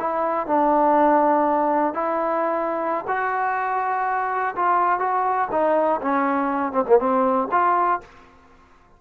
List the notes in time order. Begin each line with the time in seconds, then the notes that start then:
0.00 E4
0.47 D4
1.94 E4
3.08 F#4
4.56 F4
4.99 F#4
5.52 D#4
6.02 C#4
6.72 C4
6.87 A#3
6.99 C4
7.52 F4